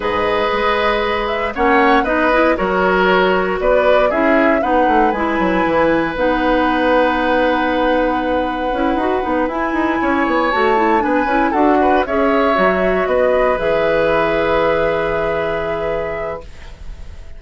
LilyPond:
<<
  \new Staff \with { instrumentName = "flute" } { \time 4/4 \tempo 4 = 117 dis''2~ dis''8 e''8 fis''4 | dis''4 cis''2 d''4 | e''4 fis''4 gis''2 | fis''1~ |
fis''2~ fis''8 gis''4.~ | gis''8 a''4 gis''4 fis''4 e''8~ | e''4. dis''4 e''4.~ | e''1 | }
  \new Staff \with { instrumentName = "oboe" } { \time 4/4 b'2. cis''4 | b'4 ais'2 b'4 | gis'4 b'2.~ | b'1~ |
b'2.~ b'8 cis''8~ | cis''4. b'4 a'8 b'8 cis''8~ | cis''4. b'2~ b'8~ | b'1 | }
  \new Staff \with { instrumentName = "clarinet" } { \time 4/4 gis'2. cis'4 | dis'8 e'8 fis'2. | e'4 dis'4 e'2 | dis'1~ |
dis'4 e'8 fis'8 dis'8 e'4.~ | e'8 fis'8 e'8 d'8 e'8 fis'4 gis'8~ | gis'8 fis'2 gis'4.~ | gis'1 | }
  \new Staff \with { instrumentName = "bassoon" } { \time 4/4 gis,4 gis2 ais4 | b4 fis2 b4 | cis'4 b8 a8 gis8 fis8 e4 | b1~ |
b4 cis'8 dis'8 b8 e'8 dis'8 cis'8 | b8 a4 b8 cis'8 d'4 cis'8~ | cis'8 fis4 b4 e4.~ | e1 | }
>>